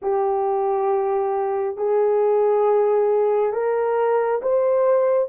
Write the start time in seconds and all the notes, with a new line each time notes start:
0.02 G4
1.76 G#4
3.53 A#4
4.42 C5